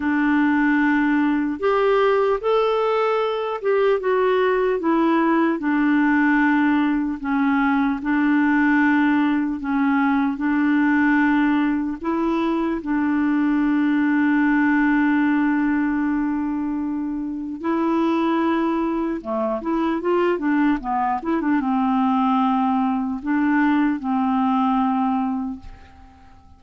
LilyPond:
\new Staff \with { instrumentName = "clarinet" } { \time 4/4 \tempo 4 = 75 d'2 g'4 a'4~ | a'8 g'8 fis'4 e'4 d'4~ | d'4 cis'4 d'2 | cis'4 d'2 e'4 |
d'1~ | d'2 e'2 | a8 e'8 f'8 d'8 b8 e'16 d'16 c'4~ | c'4 d'4 c'2 | }